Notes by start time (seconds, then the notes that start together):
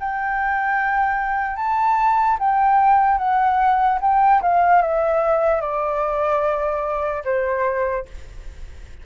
0.00 G5
1.57 A5
2.40 G5
3.18 F#5
4.01 G5
4.42 F5
4.82 E5
5.61 D5
7.25 C5